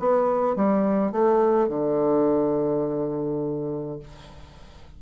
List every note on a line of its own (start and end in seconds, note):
0.00 0.56 B3
0.56 1.12 G3
1.12 1.69 A3
1.69 4.00 D3